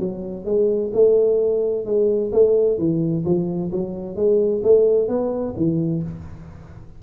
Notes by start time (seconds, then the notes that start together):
0.00 F#3
0.46 G#3
0.94 A3
1.86 G#3
2.33 A3
2.79 E3
3.25 F3
3.72 F#3
4.16 G#3
4.64 A3
5.09 B3
5.57 E3